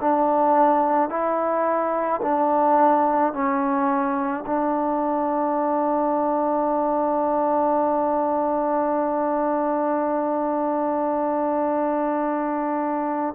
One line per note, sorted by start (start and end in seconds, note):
0.00 1.09 D4
1.09 2.20 E4
2.22 3.33 D4
3.33 4.44 C#4
4.46 13.35 D4